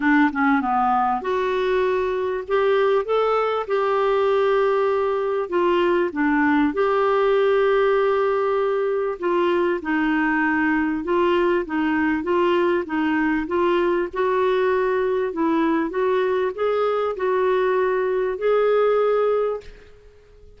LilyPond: \new Staff \with { instrumentName = "clarinet" } { \time 4/4 \tempo 4 = 98 d'8 cis'8 b4 fis'2 | g'4 a'4 g'2~ | g'4 f'4 d'4 g'4~ | g'2. f'4 |
dis'2 f'4 dis'4 | f'4 dis'4 f'4 fis'4~ | fis'4 e'4 fis'4 gis'4 | fis'2 gis'2 | }